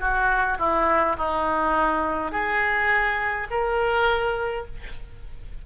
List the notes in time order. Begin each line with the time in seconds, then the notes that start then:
0.00 F#4
0.59 E4
1.17 D#4
2.32 G#4
3.50 A#4